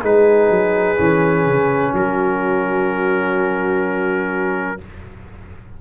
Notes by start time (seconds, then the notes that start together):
0.00 G#3 D#4 G#4 B4
0.50 F#3
0.97 E3 C#4
1.46 C#3
1.93 F#3 F#4 A#4